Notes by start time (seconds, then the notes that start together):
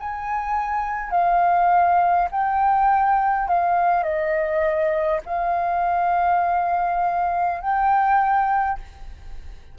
0.00 G#5
1.11 F5
2.32 G5
3.48 F5
4.04 D#5
5.26 F5
7.61 G5